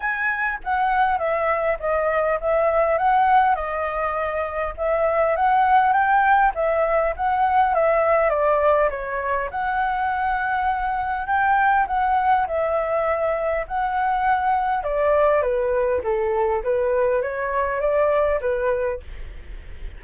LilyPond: \new Staff \with { instrumentName = "flute" } { \time 4/4 \tempo 4 = 101 gis''4 fis''4 e''4 dis''4 | e''4 fis''4 dis''2 | e''4 fis''4 g''4 e''4 | fis''4 e''4 d''4 cis''4 |
fis''2. g''4 | fis''4 e''2 fis''4~ | fis''4 d''4 b'4 a'4 | b'4 cis''4 d''4 b'4 | }